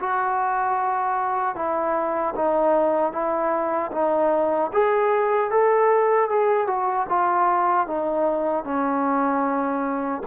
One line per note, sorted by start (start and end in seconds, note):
0.00 1.56 F#4
1.56 2.35 E4
2.36 3.13 D#4
3.13 3.92 E4
3.93 4.72 D#4
4.74 5.51 G#4
5.51 6.30 A4
6.30 6.67 G#4
6.67 7.07 F#4
7.09 7.88 F4
7.88 8.65 D#4
8.65 10.23 C#4